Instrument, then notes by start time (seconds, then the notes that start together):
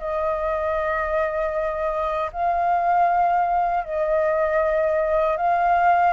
flute
0.00 D#5
2.33 F5
3.85 D#5
5.38 F5